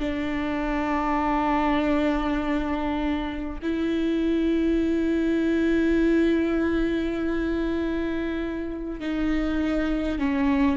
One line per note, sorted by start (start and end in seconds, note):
0.00 3.60 D4
3.62 9.00 E4
9.00 10.19 D#4
10.19 10.77 C#4